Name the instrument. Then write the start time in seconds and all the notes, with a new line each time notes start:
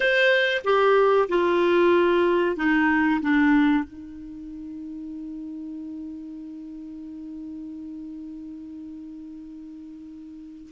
clarinet
0.00 C5
0.64 G4
1.29 F4
2.56 D#4
3.21 D4
3.84 D#4